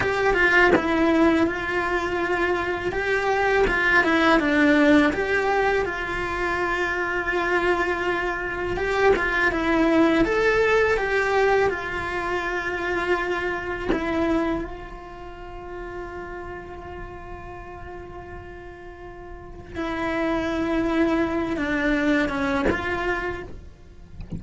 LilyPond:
\new Staff \with { instrumentName = "cello" } { \time 4/4 \tempo 4 = 82 g'8 f'8 e'4 f'2 | g'4 f'8 e'8 d'4 g'4 | f'1 | g'8 f'8 e'4 a'4 g'4 |
f'2. e'4 | f'1~ | f'2. e'4~ | e'4. d'4 cis'8 f'4 | }